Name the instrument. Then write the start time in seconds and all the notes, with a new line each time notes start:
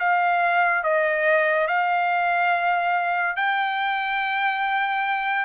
trumpet
0.00 F5
0.84 D#5
1.68 F5
3.36 G5